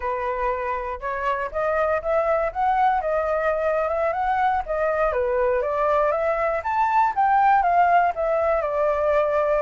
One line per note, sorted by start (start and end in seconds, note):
0.00 1.00 B4
1.00 1.50 C#5
1.51 2.01 D#5
2.02 2.52 E5
2.52 3.01 F#5
3.01 3.88 D#5
3.88 4.12 E5
4.12 4.62 F#5
4.65 5.12 D#5
5.12 5.61 B4
5.61 6.11 D5
6.11 6.61 E5
6.63 7.13 A5
7.15 7.62 G5
7.62 8.12 F5
8.15 8.61 E5
8.61 9.61 D5